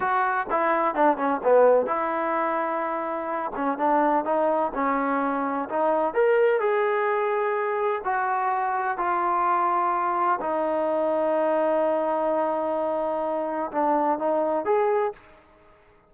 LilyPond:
\new Staff \with { instrumentName = "trombone" } { \time 4/4 \tempo 4 = 127 fis'4 e'4 d'8 cis'8 b4 | e'2.~ e'8 cis'8 | d'4 dis'4 cis'2 | dis'4 ais'4 gis'2~ |
gis'4 fis'2 f'4~ | f'2 dis'2~ | dis'1~ | dis'4 d'4 dis'4 gis'4 | }